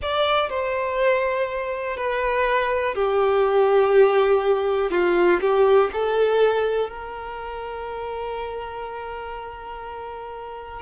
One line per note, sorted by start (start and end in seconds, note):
0.02 0.49 D5
0.49 1.97 C5
1.97 2.95 B4
2.95 4.90 G4
4.90 5.40 F4
5.41 5.90 G4
5.92 6.89 A4
6.89 10.82 A#4